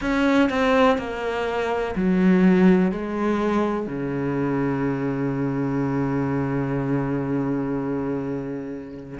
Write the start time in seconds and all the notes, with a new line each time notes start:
0.01 C#4
0.49 C4
0.98 A#3
1.95 F#3
2.91 G#3
3.87 C#3